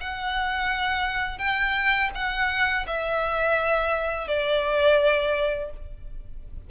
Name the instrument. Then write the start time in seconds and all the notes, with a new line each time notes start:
violin
0.00 F#5
1.38 G5
2.15 F#5
2.87 E5
4.27 D5